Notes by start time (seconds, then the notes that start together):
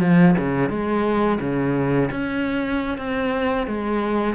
0.00 F3
0.38 C#3
0.69 G#3
1.40 C#3
2.11 C#4
2.97 C4
3.67 G#3